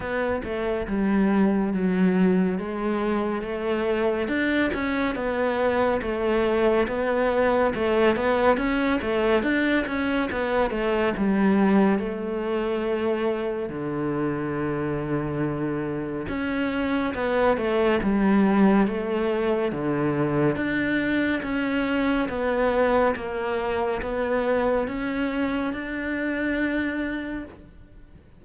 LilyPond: \new Staff \with { instrumentName = "cello" } { \time 4/4 \tempo 4 = 70 b8 a8 g4 fis4 gis4 | a4 d'8 cis'8 b4 a4 | b4 a8 b8 cis'8 a8 d'8 cis'8 | b8 a8 g4 a2 |
d2. cis'4 | b8 a8 g4 a4 d4 | d'4 cis'4 b4 ais4 | b4 cis'4 d'2 | }